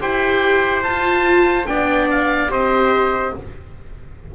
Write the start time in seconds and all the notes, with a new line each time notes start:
0.00 E4 G4 C5 G5
0.83 F4 A5
1.66 B3 D4 D5 G5
2.11 F5
2.49 C4 G4 C5 D#5